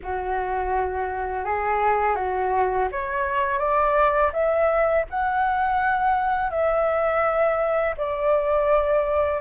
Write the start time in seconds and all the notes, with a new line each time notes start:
0.02 F#4
1.45 G#4
2.15 F#4
2.91 C#5
3.58 D5
4.32 E5
5.10 F#5
6.50 E5
7.97 D5